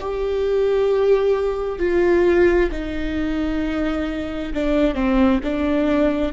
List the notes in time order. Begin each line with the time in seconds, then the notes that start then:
0.00 G4
1.79 F4
2.71 D#4
4.53 D4
4.95 C4
5.43 D4